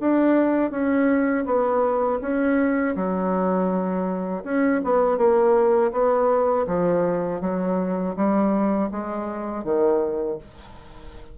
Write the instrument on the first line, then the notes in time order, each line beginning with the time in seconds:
bassoon
0.00 D4
0.71 C#4
1.45 B3
2.21 C#4
2.95 F#3
4.44 C#4
4.84 B3
5.18 A#3
5.92 B3
6.67 F3
7.41 F#3
8.16 G3
8.91 G#3
9.64 D#3